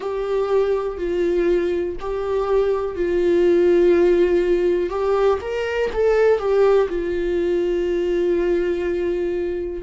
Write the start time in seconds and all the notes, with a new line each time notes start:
0.00 G4
0.97 F4
1.99 G4
2.95 F4
4.89 G4
5.41 A#4
5.93 A4
6.38 G4
6.89 F4